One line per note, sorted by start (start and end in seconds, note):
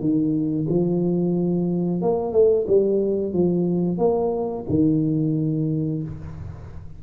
0.00 0.67 D#3
0.69 2.02 F3
2.02 2.32 A#3
2.32 2.66 A3
2.67 3.33 G3
3.33 3.98 F3
3.98 4.65 A#3
4.70 6.03 D#3